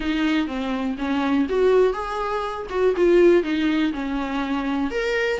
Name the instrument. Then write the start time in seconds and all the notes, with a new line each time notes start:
viola
0.00 D#4
0.47 C4
0.98 C#4
1.49 F#4
1.93 G#4
2.69 F#4
2.96 F4
3.43 D#4
3.92 C#4
4.90 A#4